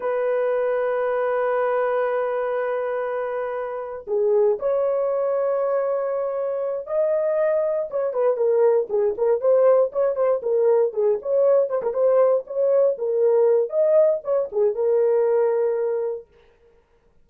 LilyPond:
\new Staff \with { instrumentName = "horn" } { \time 4/4 \tempo 4 = 118 b'1~ | b'1 | gis'4 cis''2.~ | cis''4. dis''2 cis''8 |
b'8 ais'4 gis'8 ais'8 c''4 cis''8 | c''8 ais'4 gis'8 cis''4 c''16 ais'16 c''8~ | c''8 cis''4 ais'4. dis''4 | cis''8 gis'8 ais'2. | }